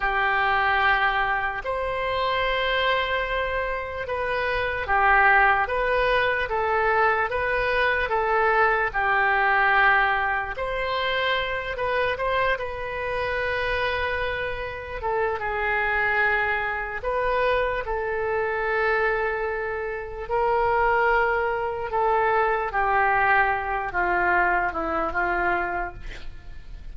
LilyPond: \new Staff \with { instrumentName = "oboe" } { \time 4/4 \tempo 4 = 74 g'2 c''2~ | c''4 b'4 g'4 b'4 | a'4 b'4 a'4 g'4~ | g'4 c''4. b'8 c''8 b'8~ |
b'2~ b'8 a'8 gis'4~ | gis'4 b'4 a'2~ | a'4 ais'2 a'4 | g'4. f'4 e'8 f'4 | }